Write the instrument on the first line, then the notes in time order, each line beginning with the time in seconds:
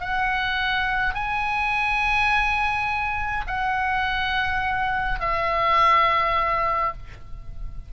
oboe
0.00 F#5
1.14 G#5
3.47 F#5
5.20 E5